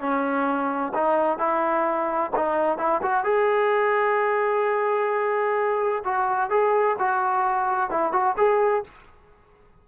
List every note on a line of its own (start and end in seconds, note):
0.00 0.93 C#4
0.95 1.39 D#4
1.39 2.32 E4
2.36 2.78 D#4
2.78 3.02 E4
3.03 3.25 F#4
3.25 6.04 G#4
6.05 6.50 F#4
6.50 6.97 G#4
6.99 7.91 F#4
7.91 8.13 E4
8.13 8.36 F#4
8.38 8.84 G#4